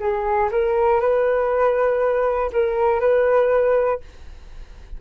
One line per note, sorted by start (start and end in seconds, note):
0.00 0.50 G#4
0.52 1.00 A#4
1.00 2.50 B4
2.53 3.00 A#4
3.00 4.00 B4